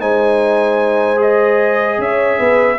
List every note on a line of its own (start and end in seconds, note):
0.00 1.99 G#3
0.00 1.17 D#4
0.00 2.01 C5
0.00 1.21 G#5
1.17 2.77 G#4
1.17 2.01 D#5
1.99 2.39 C#4
1.99 2.40 C#5
1.99 2.79 E5
2.40 2.79 B3
2.40 2.79 B4